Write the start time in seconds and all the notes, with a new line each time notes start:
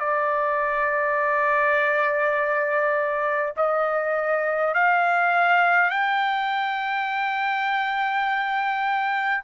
0.00 D5
3.57 D#5
4.74 F5
5.91 G5